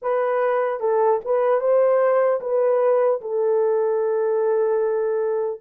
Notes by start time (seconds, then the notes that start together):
0.02 B4
0.80 A4
1.24 B4
1.60 C5
2.40 B4
3.21 A4